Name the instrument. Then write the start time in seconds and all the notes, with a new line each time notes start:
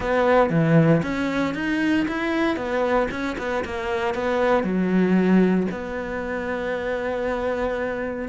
cello
0.00 B3
0.50 E3
1.03 C#4
1.54 D#4
2.08 E4
2.56 B3
3.10 C#4
3.38 B3
3.64 A#3
4.14 B3
4.63 F#3
5.71 B3